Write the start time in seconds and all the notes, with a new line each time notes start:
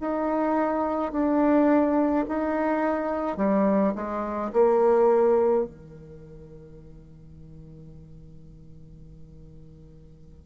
0.00 D#4
1.12 D4
2.27 D#4
3.37 G3
3.95 G#3
4.52 A#3
5.64 D#3